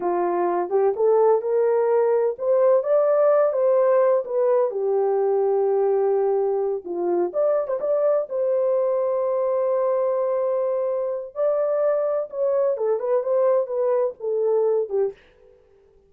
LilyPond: \new Staff \with { instrumentName = "horn" } { \time 4/4 \tempo 4 = 127 f'4. g'8 a'4 ais'4~ | ais'4 c''4 d''4. c''8~ | c''4 b'4 g'2~ | g'2~ g'8 f'4 d''8~ |
d''16 c''16 d''4 c''2~ c''8~ | c''1 | d''2 cis''4 a'8 b'8 | c''4 b'4 a'4. g'8 | }